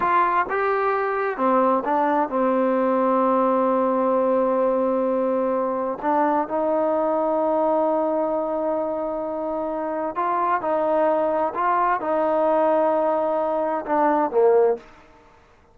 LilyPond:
\new Staff \with { instrumentName = "trombone" } { \time 4/4 \tempo 4 = 130 f'4 g'2 c'4 | d'4 c'2.~ | c'1~ | c'4 d'4 dis'2~ |
dis'1~ | dis'2 f'4 dis'4~ | dis'4 f'4 dis'2~ | dis'2 d'4 ais4 | }